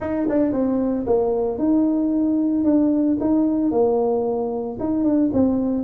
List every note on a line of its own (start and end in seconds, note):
0.00 0.27 D#4
0.29 0.52 D4
0.52 1.05 C4
1.06 1.58 A#3
1.58 2.64 D#4
2.64 3.17 D4
3.20 3.71 D#4
3.71 4.77 A#3
4.79 5.03 D#4
5.03 5.30 D4
5.33 5.84 C4